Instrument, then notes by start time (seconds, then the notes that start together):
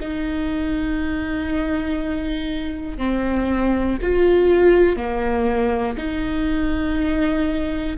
viola
0.00 D#4
2.98 C4
4.02 F4
4.97 A#3
5.97 D#4